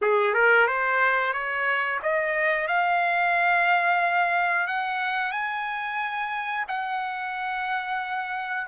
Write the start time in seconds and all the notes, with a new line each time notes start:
0.01 G#4
0.34 A#4
0.67 C5
1.33 C#5
2.02 D#5
2.67 F5
4.67 F#5
5.32 G#5
6.68 F#5